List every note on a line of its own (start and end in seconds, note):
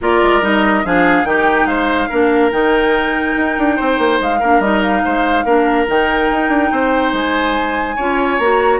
0.01 0.22 A#3
0.01 0.42 F4
0.01 0.85 A#4
0.01 0.44 D5
0.22 0.41 G#3
0.41 0.83 G3
0.41 0.84 D#4
0.41 0.85 D#5
0.84 1.24 F3
0.84 1.25 D4
0.84 1.27 G#4
0.84 1.25 F5
1.24 1.65 D#3
1.24 2.09 D#4
1.24 1.68 G4
1.24 1.66 G5
1.65 2.07 G#3
1.65 2.09 C5
1.65 2.50 F5
2.09 2.52 A#3
2.09 2.51 D4
2.09 3.76 A#4
2.51 3.36 D#3
2.51 4.40 D#4
2.51 4.19 G5
3.36 3.57 D#4
3.58 3.78 D4
3.76 3.98 C4
3.76 4.39 C5
3.98 4.19 A#3
4.20 4.41 G#3
4.20 4.60 F5
4.39 4.59 A#3
4.39 4.62 D4
4.39 5.02 A#4
4.59 5.01 G3
4.59 5.45 D#4
4.59 4.81 D#5
4.82 5.87 F5
5.04 5.44 G#3
5.04 5.44 C5
5.44 5.86 A#3
5.44 5.86 D4
5.44 6.70 A#4
5.86 6.30 D#3
5.86 7.96 D#4
5.86 7.14 G5
6.30 6.48 D#4
6.48 6.69 D4
6.71 7.13 C4
6.71 7.96 C5
7.13 7.97 G#3
7.13 8.39 G#5
7.96 8.38 C#4
7.96 8.41 F4
7.96 8.79 C#5
8.38 8.80 A#3
8.38 8.80 F#4
8.38 8.80 A#5